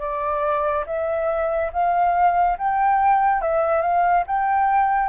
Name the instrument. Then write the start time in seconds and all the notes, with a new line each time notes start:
flute
0.00 D5
0.87 E5
1.73 F5
2.58 G5
3.41 E5
3.81 F5
4.27 G5